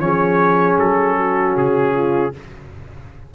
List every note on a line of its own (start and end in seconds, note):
0.00 0.78 F3
0.00 2.34 C#4
0.00 1.17 G#4
0.00 0.78 C#5
0.79 1.57 F#3
0.79 1.57 A4
1.17 1.94 F#4
1.57 2.35 C#3
1.57 2.35 G#4
1.94 2.33 F4